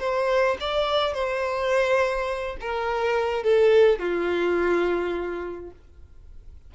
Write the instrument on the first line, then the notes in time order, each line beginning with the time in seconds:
violin
0.00 C5
0.61 D5
1.14 C5
2.61 A#4
3.44 A4
3.99 F4